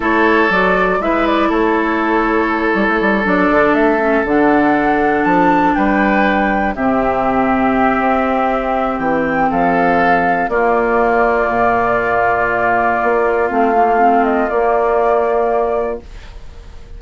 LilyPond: <<
  \new Staff \with { instrumentName = "flute" } { \time 4/4 \tempo 4 = 120 cis''4 d''4 e''8 d''8 cis''4~ | cis''2~ cis''8 d''4 e''8~ | e''8 fis''2 a''4 g''8~ | g''4. e''2~ e''8~ |
e''2 g''4 f''4~ | f''4 d''2.~ | d''2. f''4~ | f''8 dis''8 d''2. | }
  \new Staff \with { instrumentName = "oboe" } { \time 4/4 a'2 b'4 a'4~ | a'1~ | a'2.~ a'8 b'8~ | b'4. g'2~ g'8~ |
g'2. a'4~ | a'4 f'2.~ | f'1~ | f'1 | }
  \new Staff \with { instrumentName = "clarinet" } { \time 4/4 e'4 fis'4 e'2~ | e'2~ e'8 d'4. | cis'8 d'2.~ d'8~ | d'4. c'2~ c'8~ |
c'1~ | c'4 ais2.~ | ais2. c'8 ais8 | c'4 ais2. | }
  \new Staff \with { instrumentName = "bassoon" } { \time 4/4 a4 fis4 gis4 a4~ | a4. g16 a16 g8 fis8 d8 a8~ | a8 d2 f4 g8~ | g4. c2~ c8 |
c'2 e4 f4~ | f4 ais2 ais,4~ | ais,2 ais4 a4~ | a4 ais2. | }
>>